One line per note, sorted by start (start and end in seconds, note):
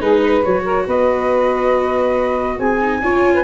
0.00 0.43 G#3
0.00 0.42 D#4
0.00 0.20 G#4
0.00 0.43 B4
0.20 0.63 B4
0.42 0.87 F#3
0.42 2.78 F#4
0.42 0.87 C#5
0.63 0.85 A#4
0.86 2.58 B3
0.86 2.57 B4
0.86 2.59 D#5
2.57 3.01 C4
2.57 2.99 G#4
2.57 3.44 G#5
2.80 3.02 D#4
3.02 3.44 C#4
3.02 3.44 F4
3.02 3.34 C#5
3.34 3.44 B4